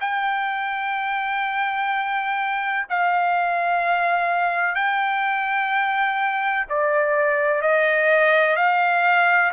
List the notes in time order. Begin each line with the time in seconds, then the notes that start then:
0.00 G5
2.89 F5
4.74 G5
6.69 D5
7.61 D#5
8.56 F5